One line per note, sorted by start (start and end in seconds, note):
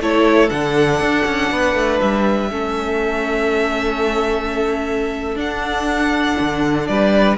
0.00 0.50 A3
0.00 0.49 E4
0.00 1.52 A4
0.00 0.49 C#5
0.49 1.00 D3
0.49 2.49 D4
0.49 1.99 F#5
1.00 1.25 D4
1.26 1.51 C#4
1.51 1.74 B3
1.51 2.51 B4
1.74 1.99 A3
2.00 2.51 G3
2.00 5.38 E5
2.51 5.36 A3
2.51 5.36 C#4
2.51 6.89 A4
5.36 6.36 D4
5.36 7.36 D4
5.36 6.87 F#5
6.40 6.88 D3
6.87 7.37 G3
6.87 7.37 B4
6.87 7.37 D5